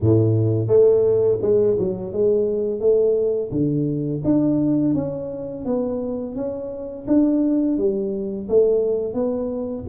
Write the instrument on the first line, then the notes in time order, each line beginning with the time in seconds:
tuba
0.01 A2
0.67 A3
1.41 G#3
1.78 F#3
2.12 G#3
2.79 A3
3.51 D3
4.24 D4
4.94 C#4
5.65 B3
6.35 C#4
7.07 D4
7.77 G3
8.48 A3
9.13 B3